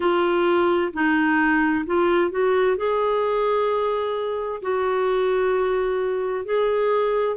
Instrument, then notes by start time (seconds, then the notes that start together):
clarinet
0.00 F4
0.93 D#4
1.86 F4
2.31 F#4
2.77 G#4
4.62 F#4
6.45 G#4